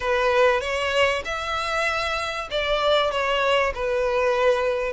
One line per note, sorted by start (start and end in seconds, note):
0.00 0.60 B4
0.60 1.22 C#5
1.24 2.48 E5
2.51 3.11 D5
3.11 3.73 C#5
3.74 4.92 B4